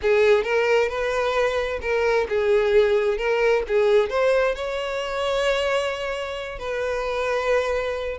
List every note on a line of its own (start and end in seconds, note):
0.02 0.43 G#4
0.43 0.88 A#4
0.88 1.79 B4
1.81 2.27 A#4
2.29 3.17 G#4
3.17 3.63 A#4
3.67 4.09 G#4
4.09 4.55 C5
4.55 6.58 C#5
6.58 8.17 B4